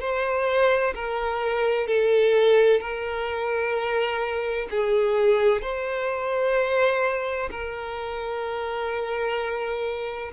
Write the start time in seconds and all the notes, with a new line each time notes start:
0.00 C5
0.95 A#4
1.87 A4
2.80 A#4
4.70 G#4
5.62 C5
7.50 A#4